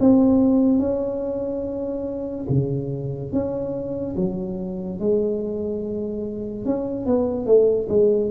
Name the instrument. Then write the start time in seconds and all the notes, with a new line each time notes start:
tuba
0.00 C4
0.79 C#4
2.49 C#3
3.32 C#4
4.16 F#3
5.00 G#3
6.65 C#4
7.06 B3
7.46 A3
7.89 G#3